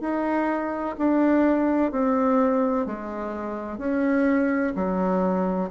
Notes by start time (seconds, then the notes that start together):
0.00 D#4
0.98 D4
1.91 C4
2.86 G#3
3.78 C#4
4.75 F#3